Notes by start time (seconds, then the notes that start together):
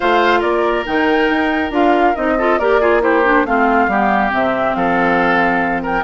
0.00 A3 F4 C5 F5
0.39 A#3 A#4 D5
0.85 D#3 D#4 G5
1.29 D#4
1.71 D4 F4 F5
2.15 C4 D#4 D#5
2.37 F4 A4
2.58 A#3 G4 A#4 D5
2.80 F4 G#4
3.01 E4 G4 C5
3.24 D4
3.44 A3 C4 F4 F5
3.87 G3 B3 G4
4.30 C3 C4 E5
4.74 F3 A4 F5
5.82 A#4 G5